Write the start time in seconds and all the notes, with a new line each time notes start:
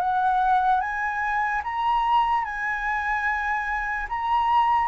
0.00 F#5
0.81 G#5
1.64 A#5
2.45 G#5
4.09 A#5